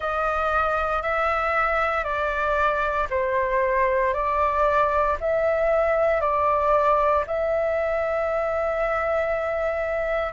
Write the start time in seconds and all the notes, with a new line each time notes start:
0.00 D#5
1.02 E5
2.04 D5
3.10 C5
4.13 D5
5.20 E5
6.21 D5
7.26 E5